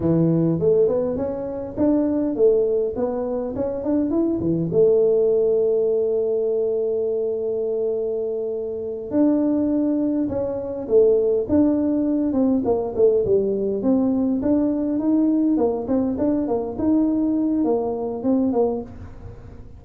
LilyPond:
\new Staff \with { instrumentName = "tuba" } { \time 4/4 \tempo 4 = 102 e4 a8 b8 cis'4 d'4 | a4 b4 cis'8 d'8 e'8 e8 | a1~ | a2.~ a8 d'8~ |
d'4. cis'4 a4 d'8~ | d'4 c'8 ais8 a8 g4 c'8~ | c'8 d'4 dis'4 ais8 c'8 d'8 | ais8 dis'4. ais4 c'8 ais8 | }